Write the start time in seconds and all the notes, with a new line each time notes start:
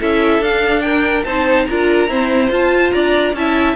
0.00 C#4 E4 A4 E5
0.39 D4 F5
0.82 A#4 G5
1.24 C4 D#4 C5 A5
1.66 D4 F4 A#4 A#5
2.08 C4 E4 C5
2.51 F4 A5
2.92 D4 D5 A#5
3.34 C#4 E4 E5 A5